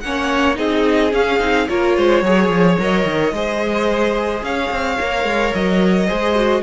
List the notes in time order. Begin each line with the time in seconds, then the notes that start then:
0.00 A#3 C#4 C#5 F#5
0.55 C4 D#4 G#4 D#5
1.13 C#4 F5
1.39 C4 D#4
1.68 A#3 F4 A#4 C#5
1.96 G#3 C5
2.22 F#3 G#4 C#5
2.49 F3
2.79 F#3 A#4 D#5
3.05 D#3
3.32 G#3 G#4 C5
4.43 C#4 C#5 F5
4.71 C4
5.00 A#3 A#4
5.24 G#3
5.54 F#3 D#5
6.07 G#3 G#4 C5
6.35 F#4